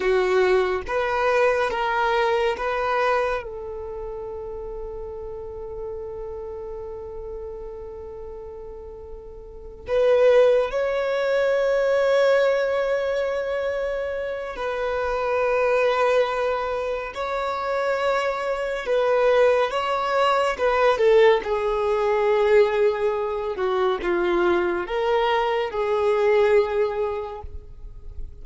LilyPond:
\new Staff \with { instrumentName = "violin" } { \time 4/4 \tempo 4 = 70 fis'4 b'4 ais'4 b'4 | a'1~ | a'2.~ a'8 b'8~ | b'8 cis''2.~ cis''8~ |
cis''4 b'2. | cis''2 b'4 cis''4 | b'8 a'8 gis'2~ gis'8 fis'8 | f'4 ais'4 gis'2 | }